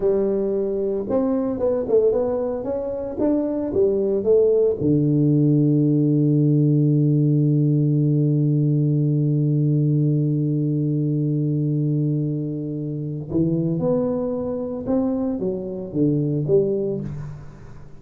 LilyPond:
\new Staff \with { instrumentName = "tuba" } { \time 4/4 \tempo 4 = 113 g2 c'4 b8 a8 | b4 cis'4 d'4 g4 | a4 d2.~ | d1~ |
d1~ | d1~ | d4 e4 b2 | c'4 fis4 d4 g4 | }